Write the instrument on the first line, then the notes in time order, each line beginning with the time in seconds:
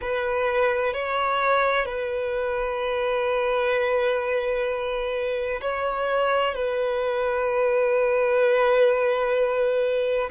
violin
0.01 B4
0.93 C#5
1.85 B4
5.61 C#5
6.55 B4